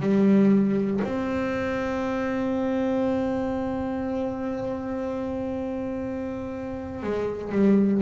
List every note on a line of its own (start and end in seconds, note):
0.00 1.00 G3
1.04 7.03 C4
7.03 7.52 G#3
7.52 8.01 G3